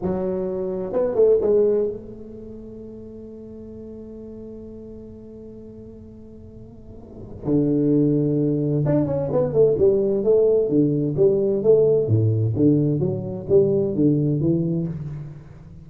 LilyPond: \new Staff \with { instrumentName = "tuba" } { \time 4/4 \tempo 4 = 129 fis2 b8 a8 gis4 | a1~ | a1~ | a1 |
d2. d'8 cis'8 | b8 a8 g4 a4 d4 | g4 a4 a,4 d4 | fis4 g4 d4 e4 | }